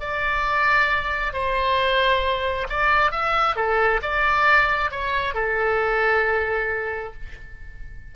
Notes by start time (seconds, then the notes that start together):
0.00 D5
1.33 C5
2.69 D5
3.12 E5
3.56 A4
4.02 D5
4.91 C#5
5.34 A4